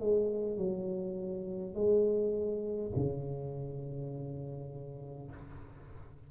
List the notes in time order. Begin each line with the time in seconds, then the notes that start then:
0.00 G#3
0.58 F#3
1.75 G#3
2.96 C#3